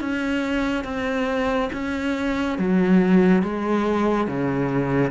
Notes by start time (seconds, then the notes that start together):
0.00 C#4
0.84 C4
1.73 C#4
2.58 F#3
3.42 G#3
4.27 C#3